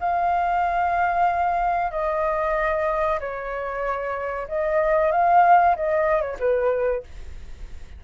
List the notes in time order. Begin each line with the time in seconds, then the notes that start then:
0.00 F5
1.91 D#5
3.20 C#5
4.48 D#5
5.11 F5
5.76 D#5
6.21 C#5
6.39 B4